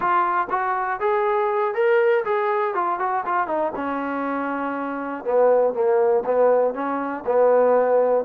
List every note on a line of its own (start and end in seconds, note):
0.00 0.47 F4
0.50 1.00 F#4
1.00 1.74 G#4
1.74 2.24 A#4
2.25 2.74 G#4
2.74 2.99 F4
2.99 3.24 F#4
3.25 3.47 F4
3.47 3.72 D#4
3.75 5.24 C#4
5.24 5.73 B3
5.73 6.23 A#3
6.25 6.74 B3
6.74 7.24 C#4
7.26 8.25 B3